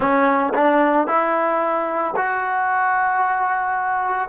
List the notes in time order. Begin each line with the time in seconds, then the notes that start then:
0.00 C#4
0.54 D4
1.07 E4
2.16 F#4